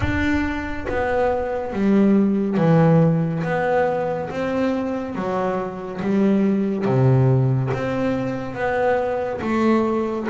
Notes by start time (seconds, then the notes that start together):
0.00 D4
0.88 B3
1.72 G3
2.57 E3
3.43 B3
4.30 C4
5.15 F#3
6.01 G3
6.85 C3
7.73 C4
8.54 B3
9.41 A3